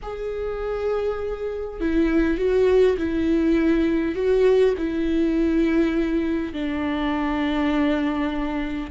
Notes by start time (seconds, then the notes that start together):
0.02 G#4
1.80 E4
2.37 F#4
2.97 E4
4.14 F#4
4.77 E4
6.53 D4